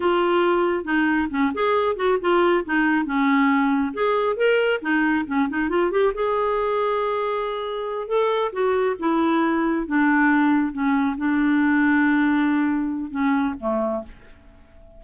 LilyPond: \new Staff \with { instrumentName = "clarinet" } { \time 4/4 \tempo 4 = 137 f'2 dis'4 cis'8 gis'8~ | gis'8 fis'8 f'4 dis'4 cis'4~ | cis'4 gis'4 ais'4 dis'4 | cis'8 dis'8 f'8 g'8 gis'2~ |
gis'2~ gis'8 a'4 fis'8~ | fis'8 e'2 d'4.~ | d'8 cis'4 d'2~ d'8~ | d'2 cis'4 a4 | }